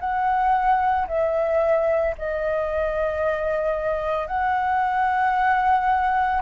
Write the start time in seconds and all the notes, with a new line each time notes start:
0.00 F#5
1.08 E5
2.18 D#5
4.28 F#5